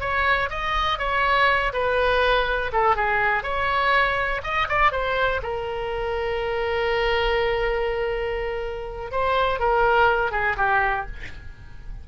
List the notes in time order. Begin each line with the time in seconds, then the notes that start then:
0.00 C#5
0.49 D#5
0.98 C#5
1.73 B4
2.72 A4
2.95 G#4
3.43 C#5
4.43 D#5
4.68 D5
4.91 C5
5.42 A#4
9.11 C5
9.59 A#4
10.31 G#4
10.56 G4